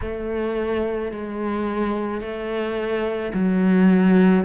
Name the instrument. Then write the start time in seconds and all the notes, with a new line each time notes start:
cello
0.01 A3
1.11 G#3
2.21 A3
3.33 F#3